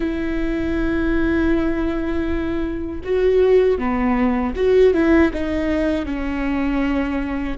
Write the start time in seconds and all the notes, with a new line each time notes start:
0.00 E4
3.04 F#4
3.78 B3
4.56 F#4
4.93 E4
5.33 D#4
6.05 C#4